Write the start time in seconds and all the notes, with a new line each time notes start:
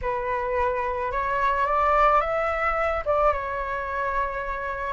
0.02 B4
1.11 C#5
1.66 D5
2.20 E5
3.05 D5
3.32 C#5